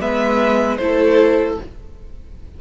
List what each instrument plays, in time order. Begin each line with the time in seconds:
0.00 cello G#3, viola B3, violin B4 E5
0.77 cello A3, viola E4, violin A4 C5